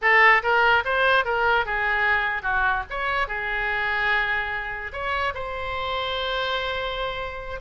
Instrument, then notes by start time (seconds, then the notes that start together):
oboe
0.01 A4
0.42 A#4
0.84 C5
1.24 A#4
1.65 G#4
2.42 F#4
2.90 C#5
3.27 G#4
4.92 C#5
5.34 C5